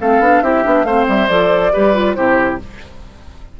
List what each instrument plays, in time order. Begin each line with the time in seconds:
0.00 bassoon A3, clarinet C4, oboe A4, flute F5
0.20 bassoon B3, clarinet D4
0.42 bassoon C4, clarinet E4, oboe G4, flute E5
0.63 bassoon B3, clarinet D4
0.84 bassoon A3, clarinet C4, oboe C5, flute F5
1.08 bassoon G3, flute E5
1.28 bassoon F3, clarinet A4, flute D5
1.72 bassoon G3, clarinet G4, oboe B4
1.94 clarinet F4
2.14 bassoon C3, clarinet E4, oboe G4, flute C5